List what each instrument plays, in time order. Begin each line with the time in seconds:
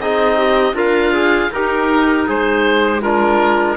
0.00 cello C4, trombone D#4, clarinet G#4, oboe D#5
0.37 clarinet G4
0.74 cello D4, clarinet F4, trombone A#4, oboe F5
1.13 trombone G#4
1.51 cello D#4, clarinet D#4, trombone G4, oboe A#4
2.27 cello G#3, trombone G#4, oboe C5
3.01 trombone D4, clarinet F4, oboe A#4